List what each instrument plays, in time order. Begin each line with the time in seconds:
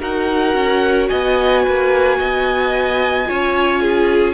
0.00 cello D#4, viola F#4, violin A#4 F#5
0.54 cello C#4
1.08 cello B3, violin D#5 G#5
1.63 cello A#3, violin B4
2.19 cello B3, violin D#5
3.25 cello C#4, viola F4, violin C#5
3.82 violin G#4